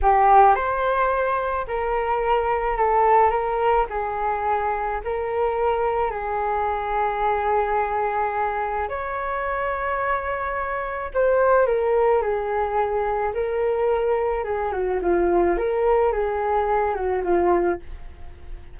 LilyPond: \new Staff \with { instrumentName = "flute" } { \time 4/4 \tempo 4 = 108 g'4 c''2 ais'4~ | ais'4 a'4 ais'4 gis'4~ | gis'4 ais'2 gis'4~ | gis'1 |
cis''1 | c''4 ais'4 gis'2 | ais'2 gis'8 fis'8 f'4 | ais'4 gis'4. fis'8 f'4 | }